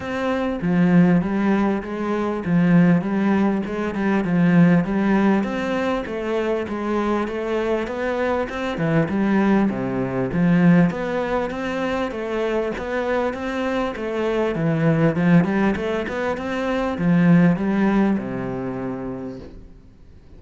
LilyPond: \new Staff \with { instrumentName = "cello" } { \time 4/4 \tempo 4 = 99 c'4 f4 g4 gis4 | f4 g4 gis8 g8 f4 | g4 c'4 a4 gis4 | a4 b4 c'8 e8 g4 |
c4 f4 b4 c'4 | a4 b4 c'4 a4 | e4 f8 g8 a8 b8 c'4 | f4 g4 c2 | }